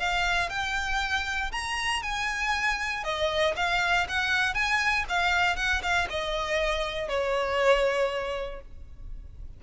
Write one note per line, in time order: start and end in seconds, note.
0.00 0.50 F5
0.50 1.52 G5
1.52 2.03 A#5
2.03 3.04 G#5
3.04 3.55 D#5
3.57 4.07 F5
4.09 4.55 F#5
4.55 5.05 G#5
5.09 5.57 F5
5.57 5.82 F#5
5.83 6.08 F5
6.10 7.09 D#5
7.09 8.62 C#5